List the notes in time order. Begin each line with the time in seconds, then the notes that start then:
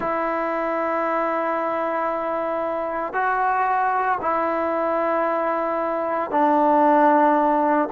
0.00 E4
3.13 F#4
4.21 E4
6.31 D4